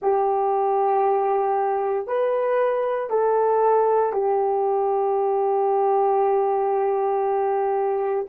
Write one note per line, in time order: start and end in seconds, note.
0.01 2.07 G4
2.07 3.09 B4
3.09 4.12 A4
4.12 8.26 G4